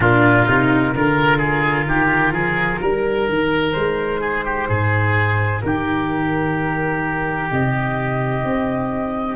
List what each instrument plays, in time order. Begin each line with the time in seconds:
0.00 tuba A#2, cello D4, oboe F4, flute A#4
0.46 tuba C3, cello D#4
0.94 tuba D3, cello F4, oboe A#4
1.38 oboe G#4
1.86 tuba D#3, oboe G4
2.32 tuba F3, oboe G#4
2.81 tuba G3, cello D#4, oboe A#4
3.28 tuba D#3
3.72 tuba G#3, flute C5
4.21 oboe G#4
4.44 oboe G4
4.68 tuba G#2, oboe G#4
5.61 tuba D#3, oboe G4, flute A#4
7.51 tuba C3, flute D#5
8.44 tuba C4